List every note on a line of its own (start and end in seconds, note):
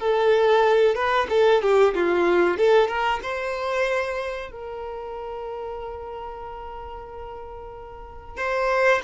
0.00 0.95 A4
0.95 1.28 B4
1.30 1.62 A4
1.62 1.94 G4
1.95 2.57 F4
2.57 2.88 A4
2.88 3.20 A#4
3.23 4.52 C5
4.52 8.37 A#4
8.37 9.02 C5